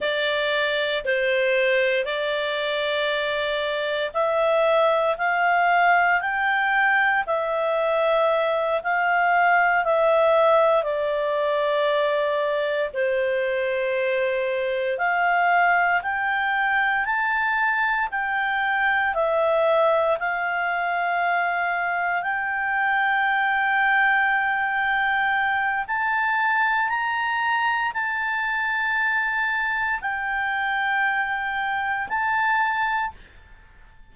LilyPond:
\new Staff \with { instrumentName = "clarinet" } { \time 4/4 \tempo 4 = 58 d''4 c''4 d''2 | e''4 f''4 g''4 e''4~ | e''8 f''4 e''4 d''4.~ | d''8 c''2 f''4 g''8~ |
g''8 a''4 g''4 e''4 f''8~ | f''4. g''2~ g''8~ | g''4 a''4 ais''4 a''4~ | a''4 g''2 a''4 | }